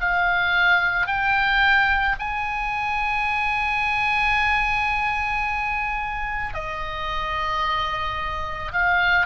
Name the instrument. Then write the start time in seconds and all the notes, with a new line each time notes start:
oboe
0.00 F5
1.07 G5
2.19 G#5
6.54 D#5
8.72 F5